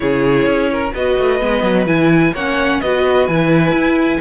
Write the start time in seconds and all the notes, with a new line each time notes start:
0.00 C#3 E4 G#4 C#5
0.45 C#4
0.71 A#4
0.93 B3 F#4 B4 D#5
1.18 A3
1.40 G#3 B3
1.63 F#3
1.86 E3 E4 G#5
2.33 A#3 C#4 C#5 F#5
2.80 B3 F#4 B4 D#5
3.27 E3 E4 G#5
3.72 E4